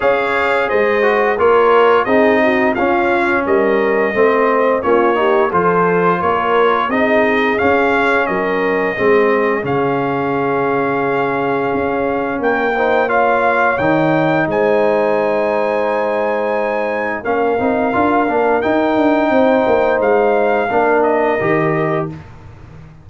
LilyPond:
<<
  \new Staff \with { instrumentName = "trumpet" } { \time 4/4 \tempo 4 = 87 f''4 dis''4 cis''4 dis''4 | f''4 dis''2 cis''4 | c''4 cis''4 dis''4 f''4 | dis''2 f''2~ |
f''2 g''4 f''4 | g''4 gis''2.~ | gis''4 f''2 g''4~ | g''4 f''4. dis''4. | }
  \new Staff \with { instrumentName = "horn" } { \time 4/4 cis''4 c''4 ais'4 gis'8 fis'8 | f'4 ais'4 c''4 f'8 g'8 | a'4 ais'4 gis'2 | ais'4 gis'2.~ |
gis'2 ais'8 c''8 cis''4~ | cis''4 c''2.~ | c''4 ais'2. | c''2 ais'2 | }
  \new Staff \with { instrumentName = "trombone" } { \time 4/4 gis'4. fis'8 f'4 dis'4 | cis'2 c'4 cis'8 dis'8 | f'2 dis'4 cis'4~ | cis'4 c'4 cis'2~ |
cis'2~ cis'8 dis'8 f'4 | dis'1~ | dis'4 cis'8 dis'8 f'8 d'8 dis'4~ | dis'2 d'4 g'4 | }
  \new Staff \with { instrumentName = "tuba" } { \time 4/4 cis'4 gis4 ais4 c'4 | cis'4 g4 a4 ais4 | f4 ais4 c'4 cis'4 | fis4 gis4 cis2~ |
cis4 cis'4 ais2 | dis4 gis2.~ | gis4 ais8 c'8 d'8 ais8 dis'8 d'8 | c'8 ais8 gis4 ais4 dis4 | }
>>